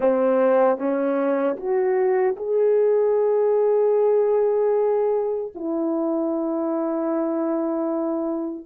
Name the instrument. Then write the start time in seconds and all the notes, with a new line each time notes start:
horn
0.00 C4
0.77 C#4
1.56 F#4
2.36 G#4
5.54 E4